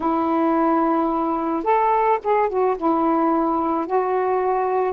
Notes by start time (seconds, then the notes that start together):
0.00 E4
1.63 A4
2.23 G#4
2.49 F#4
2.77 E4
3.86 F#4